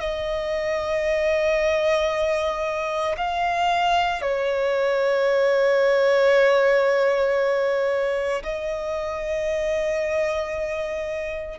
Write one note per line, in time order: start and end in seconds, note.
0.00 3.16 D#5
3.18 4.22 F5
4.22 8.43 C#5
8.44 11.59 D#5